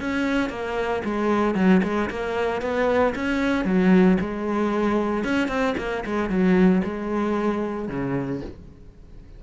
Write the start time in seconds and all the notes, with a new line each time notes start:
0.00 C#4
0.50 A#3
1.05 G#3
1.55 F#3
1.83 G#3
2.10 A#3
2.62 B3
3.16 C#4
3.65 F#3
4.21 G#3
5.24 C#4
5.48 C4
5.78 A#3
6.06 G#3
6.30 F#3
6.84 G#3
7.89 C#3